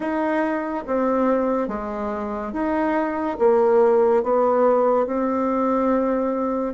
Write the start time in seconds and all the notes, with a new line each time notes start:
0.00 D#4
0.86 C4
1.68 G#3
2.52 D#4
3.38 A#3
4.23 B3
5.06 C4